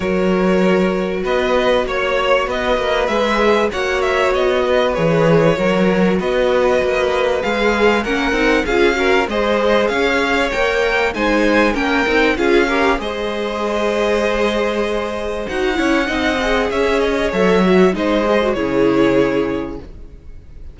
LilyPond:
<<
  \new Staff \with { instrumentName = "violin" } { \time 4/4 \tempo 4 = 97 cis''2 dis''4 cis''4 | dis''4 e''4 fis''8 e''8 dis''4 | cis''2 dis''2 | f''4 fis''4 f''4 dis''4 |
f''4 g''4 gis''4 g''4 | f''4 dis''2.~ | dis''4 fis''2 e''8 dis''8 | e''4 dis''4 cis''2 | }
  \new Staff \with { instrumentName = "violin" } { \time 4/4 ais'2 b'4 cis''4 | b'2 cis''4. b'8~ | b'4 ais'4 b'2~ | b'4 ais'4 gis'8 ais'8 c''4 |
cis''2 c''4 ais'4 | gis'8 ais'8 c''2.~ | c''4. cis''8 dis''4 cis''4~ | cis''4 c''4 gis'2 | }
  \new Staff \with { instrumentName = "viola" } { \time 4/4 fis'1~ | fis'4 gis'4 fis'2 | gis'4 fis'2. | gis'4 cis'8 dis'8 f'8 fis'8 gis'4~ |
gis'4 ais'4 dis'4 cis'8 dis'8 | f'8 g'8 gis'2.~ | gis'4 fis'8 e'8 dis'8 gis'4. | a'8 fis'8 dis'8 gis'16 fis'16 e'2 | }
  \new Staff \with { instrumentName = "cello" } { \time 4/4 fis2 b4 ais4 | b8 ais8 gis4 ais4 b4 | e4 fis4 b4 ais4 | gis4 ais8 c'8 cis'4 gis4 |
cis'4 ais4 gis4 ais8 c'8 | cis'4 gis2.~ | gis4 dis'8 cis'8 c'4 cis'4 | fis4 gis4 cis2 | }
>>